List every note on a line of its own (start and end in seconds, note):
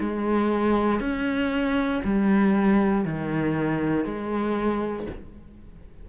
0.00 1.00 G#3
1.00 2.02 C#4
2.04 3.05 G3
3.05 4.04 D#3
4.04 5.06 G#3